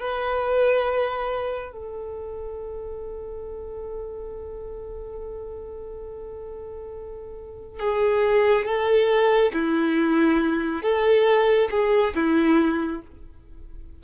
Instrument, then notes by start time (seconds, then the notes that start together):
violin
0.00 B4
1.72 A4
7.79 G#4
8.65 A4
9.53 E4
10.82 A4
11.70 G#4
12.15 E4